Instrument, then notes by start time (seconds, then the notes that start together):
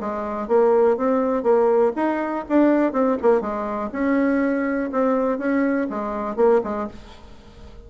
bassoon
0.00 G#3
0.47 A#3
0.97 C4
1.42 A#3
1.95 D#4
2.48 D4
2.92 C4
3.21 A#3
3.41 G#3
3.92 C#4
4.91 C4
5.38 C#4
5.89 G#3
6.36 A#3
6.63 G#3